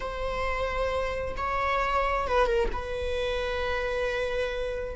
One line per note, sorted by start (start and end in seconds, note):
0.00 1.35 C5
1.37 2.27 C#5
2.27 2.46 B4
2.46 2.68 A#4
2.72 4.95 B4